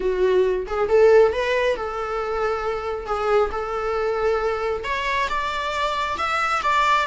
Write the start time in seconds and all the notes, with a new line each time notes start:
0.00 F#4
0.67 G#4
0.88 A4
1.32 B4
1.76 A4
3.06 G#4
3.51 A4
4.84 C#5
5.29 D5
6.17 E5
6.62 D5